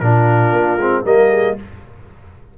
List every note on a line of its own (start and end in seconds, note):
0.00 0.52 A#2
0.00 0.79 D4
0.00 1.04 F4
0.00 1.03 A#4
0.52 0.76 A#3
0.76 1.02 G#3
0.76 1.05 C4
1.04 1.56 G3
1.04 1.57 A#3
1.04 1.29 A#4
1.04 1.58 D#5
1.29 1.55 G#4